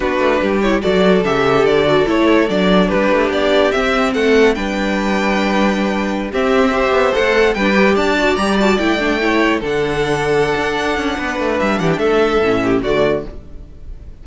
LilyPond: <<
  \new Staff \with { instrumentName = "violin" } { \time 4/4 \tempo 4 = 145 b'4. cis''8 d''4 e''4 | d''4 cis''4 d''4 b'4 | d''4 e''4 fis''4 g''4~ | g''2.~ g''16 e''8.~ |
e''4~ e''16 fis''4 g''4 a''8.~ | a''16 ais''8 a''8 g''2 fis''8.~ | fis''1 | e''8 fis''16 g''16 e''2 d''4 | }
  \new Staff \with { instrumentName = "violin" } { \time 4/4 fis'4 g'4 a'2~ | a'2. g'4~ | g'2 a'4 b'4~ | b'2.~ b'16 g'8.~ |
g'16 c''2 b'4 d''8.~ | d''2~ d''16 cis''4 a'8.~ | a'2. b'4~ | b'8 g'8 a'4. g'8 fis'4 | }
  \new Staff \with { instrumentName = "viola" } { \time 4/4 d'4. e'8 fis'4 g'4~ | g'8 fis'8 e'4 d'2~ | d'4 c'2 d'4~ | d'2.~ d'16 c'8.~ |
c'16 g'4 a'4 d'8 g'4 fis'16~ | fis'16 g'8 fis'8 e'8 d'8 e'4 d'8.~ | d'1~ | d'2 cis'4 a4 | }
  \new Staff \with { instrumentName = "cello" } { \time 4/4 b8 a8 g4 fis4 cis4 | d4 a4 fis4 g8 a8 | b4 c'4 a4 g4~ | g2.~ g16 c'8.~ |
c'8. b8 a4 g4 d'8.~ | d'16 g4 a2 d8.~ | d4. d'4 cis'8 b8 a8 | g8 e8 a4 a,4 d4 | }
>>